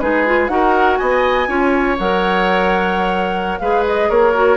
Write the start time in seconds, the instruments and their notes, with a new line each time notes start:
0.00 bassoon G#3, clarinet D#4, oboe G#4, flute B4
0.26 clarinet F4
0.49 bassoon D#4, clarinet F#4, oboe A#4, flute F#5
0.98 bassoon B3, oboe D#5, flute G#5
1.48 bassoon C#4, clarinet F4, oboe C#5
1.99 bassoon F#3, clarinet A#4, flute F#5
3.60 bassoon G#3, clarinet G#4, oboe B4, flute F5
3.87 flute D#5
4.10 bassoon A#3, oboe A#4, flute C#5
4.35 clarinet F#4